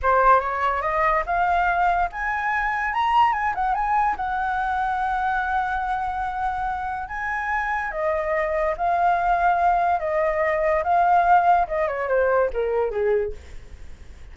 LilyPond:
\new Staff \with { instrumentName = "flute" } { \time 4/4 \tempo 4 = 144 c''4 cis''4 dis''4 f''4~ | f''4 gis''2 ais''4 | gis''8 fis''8 gis''4 fis''2~ | fis''1~ |
fis''4 gis''2 dis''4~ | dis''4 f''2. | dis''2 f''2 | dis''8 cis''8 c''4 ais'4 gis'4 | }